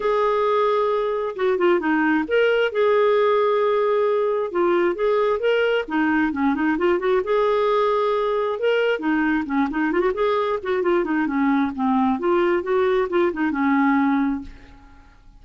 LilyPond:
\new Staff \with { instrumentName = "clarinet" } { \time 4/4 \tempo 4 = 133 gis'2. fis'8 f'8 | dis'4 ais'4 gis'2~ | gis'2 f'4 gis'4 | ais'4 dis'4 cis'8 dis'8 f'8 fis'8 |
gis'2. ais'4 | dis'4 cis'8 dis'8 f'16 fis'16 gis'4 fis'8 | f'8 dis'8 cis'4 c'4 f'4 | fis'4 f'8 dis'8 cis'2 | }